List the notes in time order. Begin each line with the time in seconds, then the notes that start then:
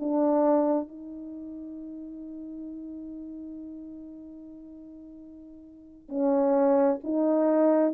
0.00 D4
0.88 D#4
6.09 C#4
7.04 D#4